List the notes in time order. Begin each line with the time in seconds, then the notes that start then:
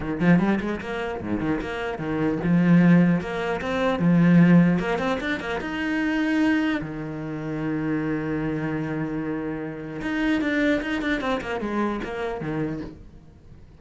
0.00 D#3
0.20 F3
0.39 G3
0.60 G#3
0.81 A#3
1.21 G#2
1.40 D#3
1.61 A#3
1.98 D#3
2.43 F3
3.20 A#3
3.61 C4
3.99 F3
4.79 A#3
4.98 C4
5.20 D4
5.39 A#3
5.60 D#4
6.81 D#3
10.01 D#4
10.41 D4
10.81 D#4
11.01 D4
11.20 C4
11.41 A#3
11.60 G#3
12.03 A#3
12.41 D#3